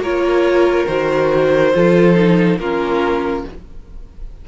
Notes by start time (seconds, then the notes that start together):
0.00 A#3 F4 A#4 C#5
0.87 D#3 F#4 C5
1.74 F3 F4 A4
2.15 D#4
2.59 A#3 C#4 F4 A#4